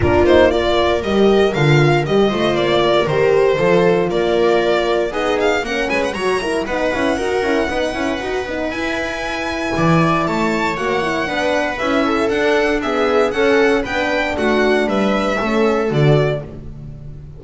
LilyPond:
<<
  \new Staff \with { instrumentName = "violin" } { \time 4/4 \tempo 4 = 117 ais'8 c''8 d''4 dis''4 f''4 | dis''4 d''4 c''2 | d''2 dis''8 f''8 fis''8 gis''16 fis''16 | ais''4 fis''2.~ |
fis''4 gis''2. | a''4 fis''2 e''4 | fis''4 e''4 fis''4 g''4 | fis''4 e''2 d''4 | }
  \new Staff \with { instrumentName = "viola" } { \time 4/4 f'4 ais'2.~ | ais'8 c''4 ais'4. a'4 | ais'2 gis'4 ais'8 b'8 | cis''8 ais'8 b'4 ais'4 b'4~ |
b'2. d''4 | cis''2 b'4. a'8~ | a'4 gis'4 a'4 b'4 | fis'4 b'4 a'2 | }
  \new Staff \with { instrumentName = "horn" } { \time 4/4 d'8 dis'8 f'4 g'4 f'4 | g'8 f'4. g'4 f'4~ | f'2 dis'4 cis'4 | fis'8 e'8 dis'8 e'8 fis'8 e'8 dis'8 e'8 |
fis'8 dis'8 e'2.~ | e'4 fis'8 e'8 d'4 e'4 | d'4 b4 cis'4 d'4~ | d'2 cis'4 fis'4 | }
  \new Staff \with { instrumentName = "double bass" } { \time 4/4 ais2 g4 d4 | g8 a8 ais4 dis4 f4 | ais2 b4 ais8 gis8 | fis4 b8 cis'8 dis'8 cis'8 b8 cis'8 |
dis'8 b8 e'2 e4 | a4 ais4 b4 cis'4 | d'2 cis'4 b4 | a4 g4 a4 d4 | }
>>